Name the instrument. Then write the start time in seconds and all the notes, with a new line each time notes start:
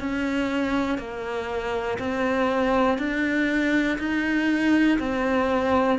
cello
0.00 C#4
0.98 A#3
1.99 C4
2.99 D4
3.99 D#4
4.99 C4